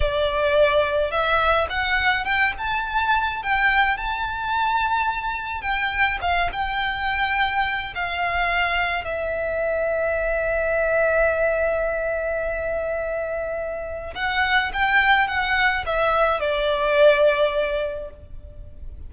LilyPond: \new Staff \with { instrumentName = "violin" } { \time 4/4 \tempo 4 = 106 d''2 e''4 fis''4 | g''8 a''4. g''4 a''4~ | a''2 g''4 f''8 g''8~ | g''2 f''2 |
e''1~ | e''1~ | e''4 fis''4 g''4 fis''4 | e''4 d''2. | }